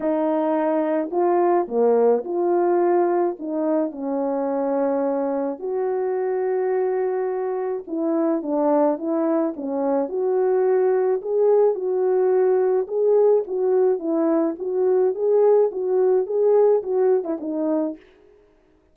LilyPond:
\new Staff \with { instrumentName = "horn" } { \time 4/4 \tempo 4 = 107 dis'2 f'4 ais4 | f'2 dis'4 cis'4~ | cis'2 fis'2~ | fis'2 e'4 d'4 |
e'4 cis'4 fis'2 | gis'4 fis'2 gis'4 | fis'4 e'4 fis'4 gis'4 | fis'4 gis'4 fis'8. e'16 dis'4 | }